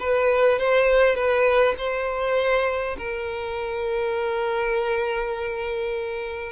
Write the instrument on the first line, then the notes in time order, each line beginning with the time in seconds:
violin
0.00 B4
0.59 C5
1.16 B4
1.78 C5
2.98 A#4